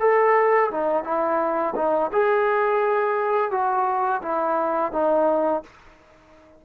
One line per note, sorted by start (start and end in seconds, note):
0.00 0.71 A4
0.71 1.04 D#4
1.04 1.74 E4
1.76 2.11 D#4
2.12 3.51 G#4
3.51 4.22 F#4
4.23 4.93 E4
4.93 5.63 D#4